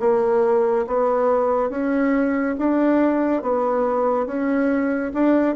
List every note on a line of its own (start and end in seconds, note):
0.00 0.86 A#3
0.87 1.69 B3
1.69 2.55 C#4
2.58 3.42 D4
3.42 4.26 B3
4.26 5.12 C#4
5.14 5.56 D4